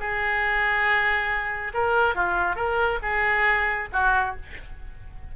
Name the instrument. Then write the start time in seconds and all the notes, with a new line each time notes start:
oboe
0.00 G#4
1.74 A#4
2.15 F4
2.56 A#4
3.02 G#4
3.93 F#4